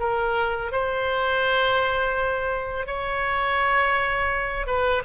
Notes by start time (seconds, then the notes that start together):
0.00 A#4
0.72 C5
2.87 C#5
4.67 B4